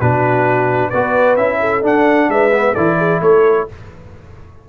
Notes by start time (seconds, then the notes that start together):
0.00 B2 D4 F#4 B4
0.90 B3 F#4 B4 D5
1.36 C#4 E4 E5
1.60 A4
1.81 D4 F#5
2.28 G#3 B4 E5
2.52 B3
2.73 E3 E4 A4 D5
2.97 G#4
3.21 A3 A4 C#5